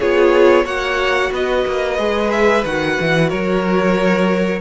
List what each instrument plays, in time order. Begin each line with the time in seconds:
0.00 cello B3, viola F4, violin G#4 C#5
0.65 cello A#3, viola F#4, violin C#5 F#5
1.32 cello B3, violin B4 D#5
1.67 cello A#3
1.99 cello G#3, viola G#4
2.32 violin E5
2.65 cello D#3, viola F#4, violin F#5
3.01 cello E3
3.29 cello F#3, violin A#4 C#5